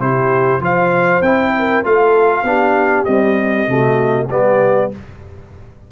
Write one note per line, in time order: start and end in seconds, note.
0.00 0.61 C3
0.00 0.61 E4
0.00 0.62 G4
0.00 0.62 C5
0.61 1.22 F3
0.61 1.22 F4
0.61 1.55 C5
0.61 1.23 F5
1.22 1.83 C4
1.22 1.84 E4
1.22 1.84 G5
1.59 1.87 A#4
1.84 2.43 A3
1.84 2.45 F4
1.84 2.48 A4
1.84 3.05 F5
2.43 3.04 B3
2.43 3.07 D4
2.43 3.70 G4
3.05 3.68 G3
3.05 3.68 C4
3.05 4.27 D#5
3.68 4.29 C3
3.68 4.29 A3
3.68 4.28 F#4
4.28 4.91 G3
4.28 4.92 B3
4.28 4.89 G4
4.28 4.92 D5